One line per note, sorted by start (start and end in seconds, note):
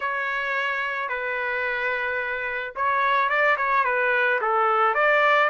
0.00 1.08 C#5
1.08 2.73 B4
2.75 3.29 C#5
3.29 3.56 D5
3.57 3.84 C#5
3.84 4.39 B4
4.41 4.94 A4
4.94 5.49 D5